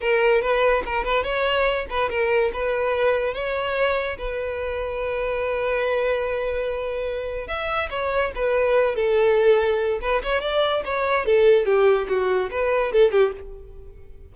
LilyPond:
\new Staff \with { instrumentName = "violin" } { \time 4/4 \tempo 4 = 144 ais'4 b'4 ais'8 b'8 cis''4~ | cis''8 b'8 ais'4 b'2 | cis''2 b'2~ | b'1~ |
b'2 e''4 cis''4 | b'4. a'2~ a'8 | b'8 cis''8 d''4 cis''4 a'4 | g'4 fis'4 b'4 a'8 g'8 | }